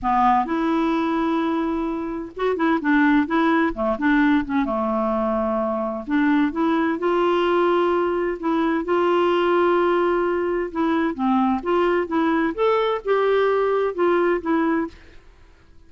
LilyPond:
\new Staff \with { instrumentName = "clarinet" } { \time 4/4 \tempo 4 = 129 b4 e'2.~ | e'4 fis'8 e'8 d'4 e'4 | a8 d'4 cis'8 a2~ | a4 d'4 e'4 f'4~ |
f'2 e'4 f'4~ | f'2. e'4 | c'4 f'4 e'4 a'4 | g'2 f'4 e'4 | }